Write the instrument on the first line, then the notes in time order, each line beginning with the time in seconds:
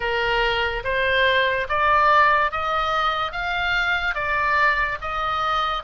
oboe
0.00 A#4
0.84 C5
1.69 D5
2.51 D#5
3.32 F5
4.14 D5
5.01 D#5